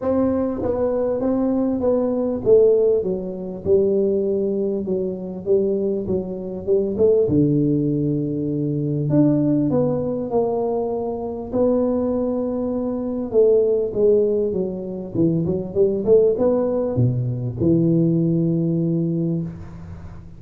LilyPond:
\new Staff \with { instrumentName = "tuba" } { \time 4/4 \tempo 4 = 99 c'4 b4 c'4 b4 | a4 fis4 g2 | fis4 g4 fis4 g8 a8 | d2. d'4 |
b4 ais2 b4~ | b2 a4 gis4 | fis4 e8 fis8 g8 a8 b4 | b,4 e2. | }